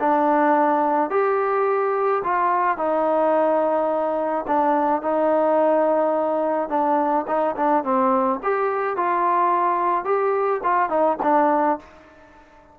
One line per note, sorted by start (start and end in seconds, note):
0.00 1.10 D4
1.10 2.23 G4
2.24 2.77 F4
2.77 4.46 D#4
4.48 5.02 D4
5.02 6.69 D#4
6.69 7.25 D4
7.27 7.55 D#4
7.56 7.84 D4
7.84 8.40 C4
8.43 8.96 G4
8.96 10.05 F4
10.05 10.61 G4
10.63 10.89 F4
10.89 11.17 D#4
11.23 11.79 D4